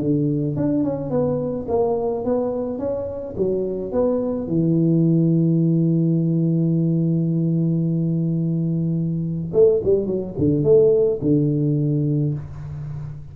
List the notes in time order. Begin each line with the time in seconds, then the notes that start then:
0.00 D3
0.56 D4
0.83 C#4
1.10 B3
1.68 A#3
2.24 B3
2.78 C#4
3.37 F#3
3.92 B3
4.47 E3
9.53 A3
9.83 G3
10.06 F#3
10.38 D3
10.63 A3
11.21 D3